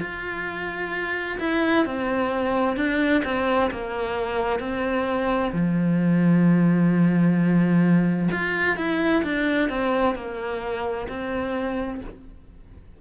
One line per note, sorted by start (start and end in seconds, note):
0.00 1.38 F4
1.39 1.85 E4
1.86 2.77 C4
2.77 3.23 D4
3.24 3.70 C4
3.71 4.59 A#3
4.59 5.52 C4
5.53 8.30 F3
8.31 8.77 F4
8.77 9.23 E4
9.24 9.69 D4
9.69 10.15 C4
10.15 11.08 A#3
11.09 12.01 C4